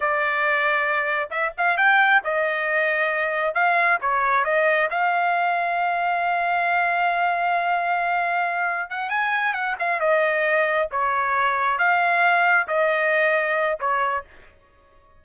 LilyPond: \new Staff \with { instrumentName = "trumpet" } { \time 4/4 \tempo 4 = 135 d''2. e''8 f''8 | g''4 dis''2. | f''4 cis''4 dis''4 f''4~ | f''1~ |
f''1 | fis''8 gis''4 fis''8 f''8 dis''4.~ | dis''8 cis''2 f''4.~ | f''8 dis''2~ dis''8 cis''4 | }